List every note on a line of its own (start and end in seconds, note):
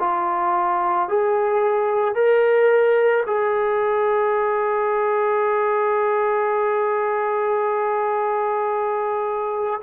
0.00 1.09 F4
1.09 2.15 G#4
2.15 3.24 A#4
3.26 9.81 G#4